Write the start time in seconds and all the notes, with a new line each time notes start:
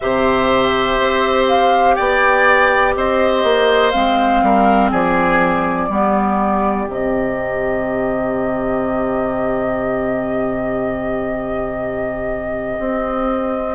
0.00 C3 G4 C5 E5
0.99 C4
1.48 F5
1.95 B3 D5 G5
2.96 C4 C5 D#5
3.43 A#3
3.91 G#3 C4 F5
4.42 G3 A#4
4.90 F3 G#4 D5
5.88 G3 B3 G4
6.87 C3 C4 D#5
12.79 C4